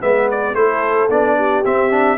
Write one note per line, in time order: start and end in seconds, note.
0.00 0.54 G#3
0.00 0.54 B3
0.00 0.56 B4
0.00 0.28 E5
0.31 0.55 D5
0.54 1.08 A3
0.54 1.09 E4
0.54 1.36 A4
0.54 1.09 C5
1.09 1.63 B3
1.09 1.64 D4
1.09 1.64 D5
1.36 2.17 G4
1.65 1.90 C4
1.65 2.17 C4
1.65 2.17 E5
1.90 2.17 D4